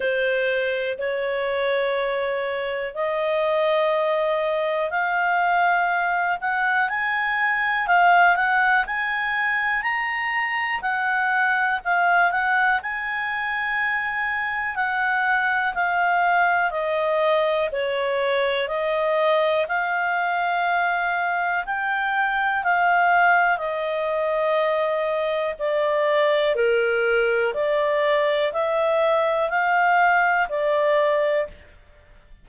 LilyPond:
\new Staff \with { instrumentName = "clarinet" } { \time 4/4 \tempo 4 = 61 c''4 cis''2 dis''4~ | dis''4 f''4. fis''8 gis''4 | f''8 fis''8 gis''4 ais''4 fis''4 | f''8 fis''8 gis''2 fis''4 |
f''4 dis''4 cis''4 dis''4 | f''2 g''4 f''4 | dis''2 d''4 ais'4 | d''4 e''4 f''4 d''4 | }